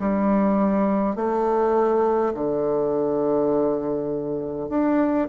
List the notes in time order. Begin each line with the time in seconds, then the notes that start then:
0.00 G3
1.16 A3
2.35 D3
4.70 D4